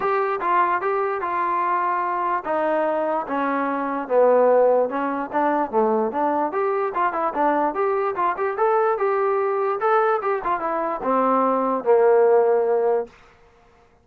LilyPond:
\new Staff \with { instrumentName = "trombone" } { \time 4/4 \tempo 4 = 147 g'4 f'4 g'4 f'4~ | f'2 dis'2 | cis'2 b2 | cis'4 d'4 a4 d'4 |
g'4 f'8 e'8 d'4 g'4 | f'8 g'8 a'4 g'2 | a'4 g'8 f'8 e'4 c'4~ | c'4 ais2. | }